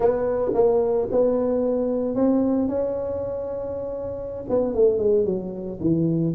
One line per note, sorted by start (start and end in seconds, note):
0.00 0.52 B3
0.54 1.08 A#3
1.11 2.15 B3
2.15 2.68 C4
2.68 4.44 C#4
4.49 4.74 B3
4.74 4.98 A3
4.98 5.25 G#3
5.25 5.79 F#3
5.80 6.34 E3